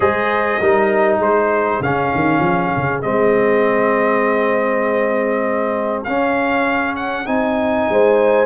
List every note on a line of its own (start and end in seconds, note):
0.00 0.59 G#3
0.00 0.60 G#4
0.00 0.61 C5
0.00 1.18 D#5
0.60 1.18 G3
0.60 1.83 D#4
0.60 1.21 A#4
1.18 1.79 G#3
1.18 7.87 G#4
1.18 1.82 C5
1.80 2.10 C#3
1.80 3.02 C#4
1.80 3.01 F5
2.14 2.39 D#3
2.39 2.70 F3
2.76 3.04 C#3
3.01 6.07 G#3
3.01 6.05 C4
3.01 6.04 D#5
6.04 7.27 C#4
6.04 7.25 C#4
6.04 6.95 F5
6.96 7.26 F#5
7.25 7.87 C4
7.25 8.46 D#4
7.25 8.46 G#5
7.89 8.46 G#3
7.89 8.46 C5